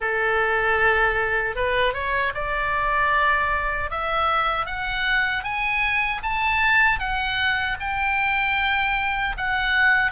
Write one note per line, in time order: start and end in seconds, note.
0.00 1.55 A4
1.55 1.93 B4
1.93 2.32 C#5
2.34 3.90 D5
3.90 4.65 E5
4.65 5.43 F#5
5.43 6.21 G#5
6.22 6.99 A5
6.99 7.77 F#5
7.80 9.35 G5
9.37 10.11 F#5